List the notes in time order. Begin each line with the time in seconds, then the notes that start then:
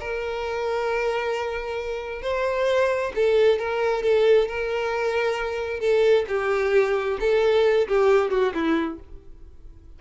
0.00 A#4
2.22 C5
3.15 A4
3.59 A#4
4.03 A4
4.48 A#4
5.80 A4
6.28 G4
7.20 A4
7.88 G4
8.30 F#4
8.54 E4